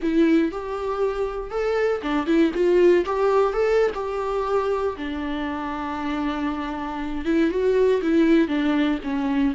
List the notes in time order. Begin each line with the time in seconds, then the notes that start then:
0.01 E4
0.51 G4
1.50 A4
2.02 D4
2.26 E4
2.54 F4
3.05 G4
3.53 A4
3.94 G4
4.96 D4
7.25 E4
7.50 F#4
8.02 E4
8.48 D4
9.03 C#4